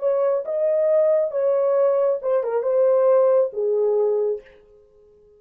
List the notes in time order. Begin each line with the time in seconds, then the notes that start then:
0.00 C#5
0.45 D#5
1.31 C#5
2.22 C5
2.44 A#4
2.63 C5
3.53 G#4